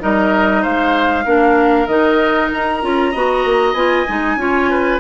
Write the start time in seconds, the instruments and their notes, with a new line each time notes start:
0.00 bassoon G3, clarinet D#4, oboe A#4, flute D#5
0.62 bassoon G#3, oboe C5, flute F5
1.26 bassoon A#3, clarinet D4, oboe A#4
1.88 bassoon D#3, clarinet D#4, flute D#5
2.54 bassoon D#4, flute A#5
2.82 bassoon C#4, clarinet F4
3.11 bassoon B3, clarinet F#4, oboe D#5
3.45 bassoon A#3
3.74 bassoon B3, clarinet F4, flute G#5
4.08 bassoon G#3, clarinet D#4
4.37 bassoon C#4, clarinet F4, oboe C#5
4.71 oboe B4